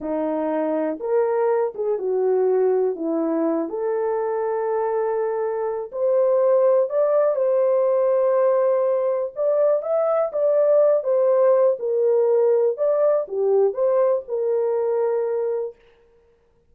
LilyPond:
\new Staff \with { instrumentName = "horn" } { \time 4/4 \tempo 4 = 122 dis'2 ais'4. gis'8 | fis'2 e'4. a'8~ | a'1 | c''2 d''4 c''4~ |
c''2. d''4 | e''4 d''4. c''4. | ais'2 d''4 g'4 | c''4 ais'2. | }